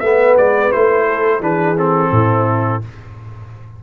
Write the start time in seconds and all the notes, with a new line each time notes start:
0.00 A3 B3 B4 E5
0.37 G#3 D5
0.72 A3 E4 C5
1.06 A4
1.40 E3 D4 G#4 B4
1.77 C4 A4
2.11 A2 E4